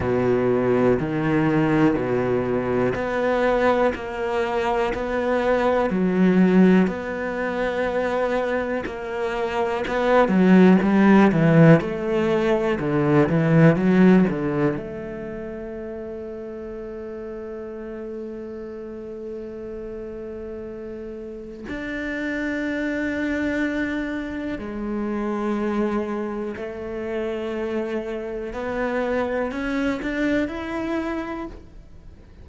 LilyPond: \new Staff \with { instrumentName = "cello" } { \time 4/4 \tempo 4 = 61 b,4 dis4 b,4 b4 | ais4 b4 fis4 b4~ | b4 ais4 b8 fis8 g8 e8 | a4 d8 e8 fis8 d8 a4~ |
a1~ | a2 d'2~ | d'4 gis2 a4~ | a4 b4 cis'8 d'8 e'4 | }